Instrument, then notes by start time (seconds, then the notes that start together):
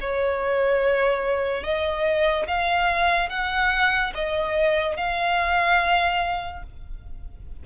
violin
0.00 C#5
1.63 D#5
2.47 F5
3.29 F#5
4.14 D#5
4.96 F5